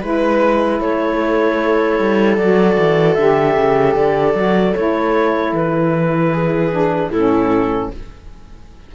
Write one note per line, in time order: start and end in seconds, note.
0.00 0.80 G#3
0.00 2.38 E4
0.00 0.79 B4
0.00 0.81 B4
0.80 1.98 A3
0.80 6.32 A4
0.80 2.36 C#5
1.99 2.37 G3
2.36 2.76 F#3
2.36 3.18 F#4
2.36 3.14 D5
2.78 3.17 E3
3.14 3.56 D3
3.14 4.33 G4
3.14 3.93 E5
3.56 3.95 C#3
3.95 4.34 D3
3.95 4.75 D5
4.33 4.73 F#3
4.33 4.73 F#4
4.75 5.52 A3
4.75 6.71 E4
4.75 5.53 C#5
5.52 7.09 E3
5.52 7.11 B4
6.32 7.11 G#4
6.71 7.10 D4
7.09 7.88 A2
7.09 7.90 E4
7.09 7.90 A4
7.15 7.94 C#4